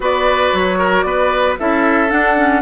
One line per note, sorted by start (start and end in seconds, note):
0.00 0.51 B3
0.00 1.57 F#4
0.00 0.78 B4
0.00 0.56 D5
0.53 1.04 F#3
0.53 1.01 C#5
0.78 1.04 A#4
1.01 1.56 B3
1.01 1.59 B4
1.01 1.54 D5
1.59 2.11 C#4
1.59 2.08 E4
1.59 2.61 A4
1.59 2.10 E5
2.08 2.35 D4
2.08 2.61 D4
2.08 2.61 F#5
2.36 2.61 C#4